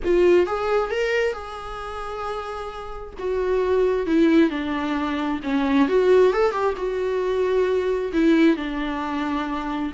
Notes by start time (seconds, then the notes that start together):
0.04 F4
0.46 G#4
0.90 A#4
1.33 G#4
3.18 F#4
4.06 E4
4.49 D4
5.43 C#4
5.88 F#4
6.33 A4
6.51 G4
6.76 F#4
8.12 E4
8.56 D4